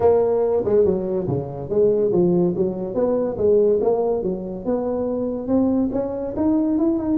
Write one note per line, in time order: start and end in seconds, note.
0.00 0.63 A#3
0.65 0.85 G#3
0.85 1.27 F#3
1.27 1.69 C#3
1.69 2.11 G#3
2.11 2.54 F3
2.55 2.94 F#3
2.94 3.36 B3
3.37 3.79 G#3
3.81 4.23 A#3
4.23 4.65 F#3
4.65 5.47 B3
5.47 5.89 C4
5.92 6.34 C#4
6.36 6.78 D#4
6.78 6.99 E4
6.99 7.17 D#4